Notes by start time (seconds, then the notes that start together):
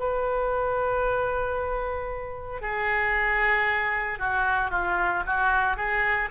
0.00 B4
2.62 G#4
4.20 F#4
4.71 F4
5.27 F#4
5.77 G#4